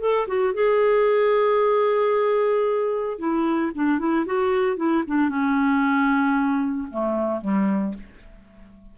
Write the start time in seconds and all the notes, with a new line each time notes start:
0.00 A4
0.27 F#4
0.54 G#4
3.18 E4
3.74 D4
3.99 E4
4.26 F#4
4.76 E4
5.07 D4
5.29 C#4
6.90 A3
7.41 G3